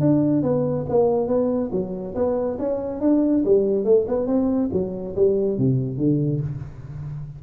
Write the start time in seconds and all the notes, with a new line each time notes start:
0.00 D4
0.42 B3
0.89 A#3
1.27 B3
1.72 F#3
2.15 B3
2.59 C#4
3.00 D4
3.45 G3
3.84 A3
4.08 B3
4.26 C4
4.72 F#3
5.15 G3
5.58 C3
5.97 D3